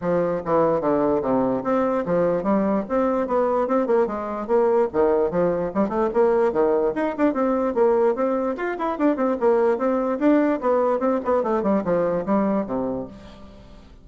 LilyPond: \new Staff \with { instrumentName = "bassoon" } { \time 4/4 \tempo 4 = 147 f4 e4 d4 c4 | c'4 f4 g4 c'4 | b4 c'8 ais8 gis4 ais4 | dis4 f4 g8 a8 ais4 |
dis4 dis'8 d'8 c'4 ais4 | c'4 f'8 e'8 d'8 c'8 ais4 | c'4 d'4 b4 c'8 b8 | a8 g8 f4 g4 c4 | }